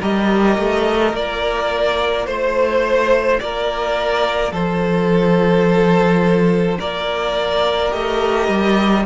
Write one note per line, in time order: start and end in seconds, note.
0.00 0.58 G3
0.00 1.12 G4
0.00 2.26 A#4
0.00 1.15 D#5
0.58 1.13 A3
1.12 2.26 A#3
1.12 7.91 F4
1.12 2.26 D5
2.26 3.39 A3
2.26 3.39 C5
3.40 4.51 A#3
3.40 4.52 A#4
3.40 4.53 D5
4.51 6.78 F3
4.51 6.78 A4
4.51 6.79 C5
6.79 7.93 A#3
6.79 9.05 A#4
6.79 7.92 D5
7.91 8.48 A3
7.91 9.04 G4
7.91 9.06 D#5
8.48 9.05 G3